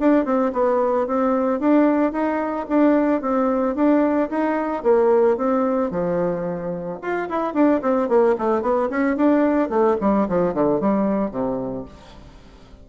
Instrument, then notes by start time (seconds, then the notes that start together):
bassoon
0.00 D4
0.25 C4
0.53 B3
1.07 C4
1.60 D4
2.12 D#4
2.69 D4
3.21 C4
3.75 D4
4.30 D#4
4.83 A#3
5.37 C4
5.91 F3
7.02 F4
7.29 E4
7.54 D4
7.82 C4
8.09 A#3
8.38 A3
8.62 B3
8.90 C#4
9.16 D4
9.70 A3
10.01 G3
10.29 F3
10.54 D3
10.80 G3
11.31 C3